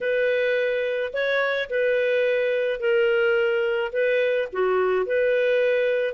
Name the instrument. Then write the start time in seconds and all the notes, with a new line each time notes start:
clarinet
0.00 B4
1.13 C#5
1.69 B4
2.79 A#4
3.92 B4
4.52 F#4
5.06 B4